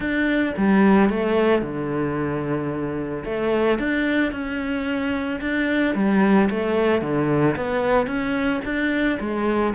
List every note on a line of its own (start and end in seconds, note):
0.00 0.53 D4
0.57 1.09 G3
1.09 1.61 A3
1.61 3.24 D3
3.24 3.78 A3
3.78 4.31 D4
4.31 5.40 C#4
5.41 5.95 D4
5.95 6.49 G3
6.50 7.01 A3
7.01 7.55 D3
7.56 8.06 B3
8.06 8.60 C#4
8.64 9.18 D4
9.19 9.73 G#3